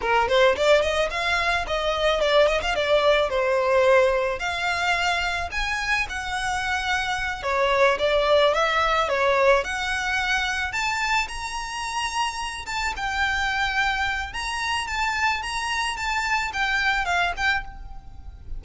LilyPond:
\new Staff \with { instrumentName = "violin" } { \time 4/4 \tempo 4 = 109 ais'8 c''8 d''8 dis''8 f''4 dis''4 | d''8 dis''16 f''16 d''4 c''2 | f''2 gis''4 fis''4~ | fis''4. cis''4 d''4 e''8~ |
e''8 cis''4 fis''2 a''8~ | a''8 ais''2~ ais''8 a''8 g''8~ | g''2 ais''4 a''4 | ais''4 a''4 g''4 f''8 g''8 | }